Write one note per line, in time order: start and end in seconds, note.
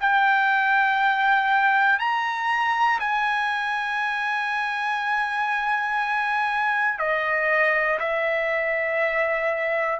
0.00 2.00 G5
2.00 3.00 A#5
3.00 6.99 G#5
6.99 7.99 D#5
8.00 10.00 E5